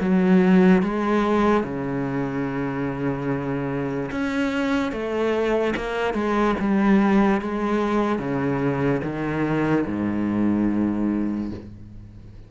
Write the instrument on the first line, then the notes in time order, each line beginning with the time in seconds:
cello
0.00 F#3
0.82 G#3
1.64 C#3
4.11 C#4
4.92 A3
5.76 A#3
6.14 G#3
6.59 G3
7.41 G#3
8.19 C#3
9.03 D#3
9.86 G#2